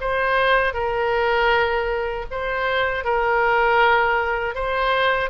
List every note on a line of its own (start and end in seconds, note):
0.00 0.73 C5
0.73 2.25 A#4
2.31 3.04 C5
3.04 4.54 A#4
4.54 5.30 C5